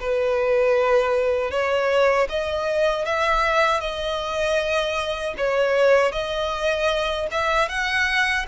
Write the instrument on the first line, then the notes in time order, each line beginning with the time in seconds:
violin
0.00 B4
1.51 C#5
2.29 D#5
3.05 E5
3.80 D#5
5.37 C#5
6.12 D#5
7.31 E5
7.69 F#5